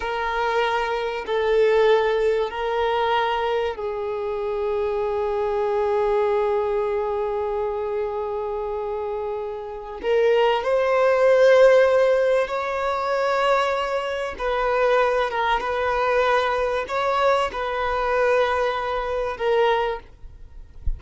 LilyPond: \new Staff \with { instrumentName = "violin" } { \time 4/4 \tempo 4 = 96 ais'2 a'2 | ais'2 gis'2~ | gis'1~ | gis'1 |
ais'4 c''2. | cis''2. b'4~ | b'8 ais'8 b'2 cis''4 | b'2. ais'4 | }